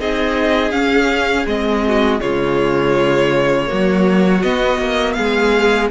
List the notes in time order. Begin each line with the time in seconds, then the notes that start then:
0.00 C4 D#4 G#4 D#5
0.71 C#4 F5
1.46 G#3 C4 D#5
1.87 F#4
2.21 C#3 G#3 F4 C#5
3.67 F#3 A#3 F#4
4.42 B3 D#5
4.79 A#3
5.14 G#3 G#4 F5